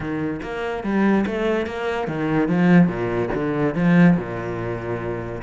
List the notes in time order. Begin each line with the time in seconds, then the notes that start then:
0.00 D#3
0.42 A#3
0.83 G3
1.26 A3
1.66 A#3
2.07 D#3
2.48 F3
2.87 A#2
3.34 D3
3.75 F3
4.16 A#2